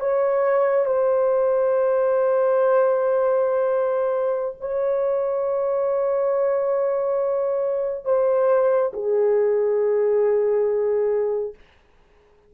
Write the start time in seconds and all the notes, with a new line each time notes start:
0.00 C#5
0.86 C5
4.60 C#5
8.05 C5
8.93 G#4